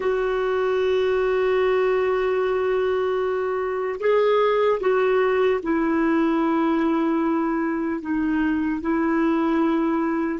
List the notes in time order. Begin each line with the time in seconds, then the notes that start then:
0.00 F#4
4.00 G#4
4.80 F#4
5.62 E4
8.01 D#4
8.81 E4